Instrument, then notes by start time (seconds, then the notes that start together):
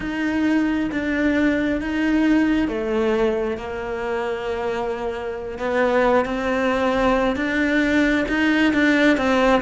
cello
0.00 D#4
0.91 D4
1.81 D#4
2.67 A3
3.57 A#3
5.58 B3
6.24 C4
7.36 D4
8.28 D#4
8.73 D4
9.17 C4